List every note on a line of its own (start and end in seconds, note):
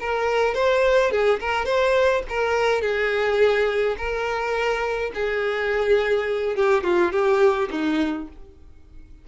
0.00 0.55 A#4
0.55 1.11 C5
1.11 1.40 G#4
1.40 1.65 A#4
1.65 2.22 C5
2.29 2.82 A#4
2.82 3.96 G#4
3.97 5.12 A#4
5.15 6.56 G#4
6.56 6.84 G4
6.84 7.12 F4
7.12 7.69 G4
7.71 8.28 D#4